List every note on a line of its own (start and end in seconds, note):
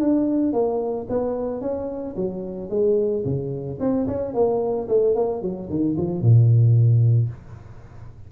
0.00 0.53 D4
0.53 1.07 A#3
1.09 1.61 B3
1.61 2.15 C#4
2.16 2.70 F#3
2.70 3.24 G#3
3.25 3.79 C#3
3.80 4.07 C4
4.07 4.34 C#4
4.34 4.88 A#3
4.88 5.15 A3
5.15 5.42 A#3
5.42 5.69 F#3
5.70 5.97 D#3
5.97 6.21 F3
6.21 7.29 A#2